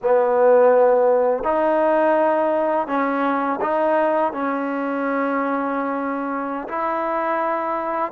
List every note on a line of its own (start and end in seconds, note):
0.02 1.43 B3
1.43 2.87 D#4
2.87 3.59 C#4
3.61 4.32 D#4
4.32 6.67 C#4
6.68 8.12 E4